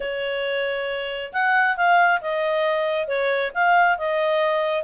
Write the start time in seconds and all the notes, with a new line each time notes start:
0.00 C#5
1.32 F#5
1.76 F5
2.21 D#5
3.07 C#5
3.54 F5
3.97 D#5